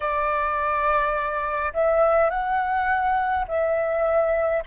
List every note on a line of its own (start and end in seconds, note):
0.00 1.73 D5
1.73 2.30 E5
2.30 3.45 F#5
3.48 4.63 E5